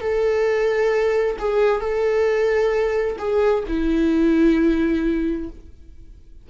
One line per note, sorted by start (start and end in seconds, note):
0.00 1.36 A4
1.38 1.80 G#4
1.80 3.17 A4
3.18 3.64 G#4
3.67 5.49 E4